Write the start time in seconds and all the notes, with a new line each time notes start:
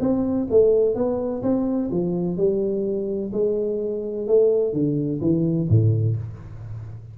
0.00 C4
0.50 A3
0.95 B3
1.42 C4
1.91 F3
2.37 G3
3.32 G#3
4.27 A3
4.73 D3
5.21 E3
5.69 A2